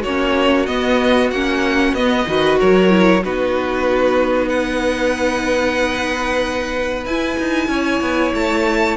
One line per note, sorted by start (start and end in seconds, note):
0.00 0.68 A#3
0.00 0.66 C#4
0.00 2.23 F#4
0.00 0.66 C#5
0.66 1.30 B3
0.66 1.31 B3
0.66 1.30 D#5
1.30 1.93 A#3
1.30 1.97 C#4
1.30 1.94 F#5
1.93 2.25 B3
1.93 2.26 B3
1.93 2.58 D#5
2.26 2.59 D#3
2.26 2.89 F#4
2.26 2.59 B4
2.59 3.24 F#3
2.59 3.23 A#4
2.59 3.24 C#5
2.89 3.21 E4
3.24 7.05 B3
3.24 7.07 D#4
3.24 4.48 F#4
3.24 4.49 B4
4.48 7.67 B4
4.48 7.04 F#5
7.05 7.37 E4
7.05 8.96 E4
7.05 8.33 G#5
7.39 7.68 D#4
7.68 8.00 C#4
7.68 8.96 C#5
8.01 8.32 B3
8.33 8.96 A3
8.33 8.96 A5